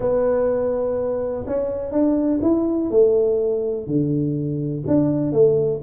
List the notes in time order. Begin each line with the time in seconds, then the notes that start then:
0.00 B3
1.46 C#4
1.91 D4
2.41 E4
2.90 A3
3.87 D3
4.87 D4
5.32 A3